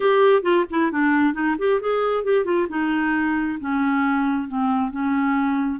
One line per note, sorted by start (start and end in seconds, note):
0.00 0.42 G4
0.42 0.65 F4
0.70 0.91 E4
0.91 1.33 D4
1.33 1.55 D#4
1.58 1.80 G4
1.80 2.23 G#4
2.23 2.44 G4
2.44 2.67 F4
2.69 3.58 D#4
3.60 4.48 C#4
4.48 4.90 C4
4.90 5.80 C#4